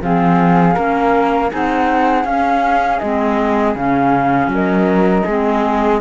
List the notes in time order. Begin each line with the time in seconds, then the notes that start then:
0.00 F3 C4 G#4 F5
0.75 A#3 C#4 A#4
1.49 C4 D#4 G#4 F#5
2.24 C#4 F5
2.99 G#3 C4 D#5
3.75 C#3 C#4 F5
4.47 F#3 D#5
4.54 A#4
5.24 G#3 C4 G#4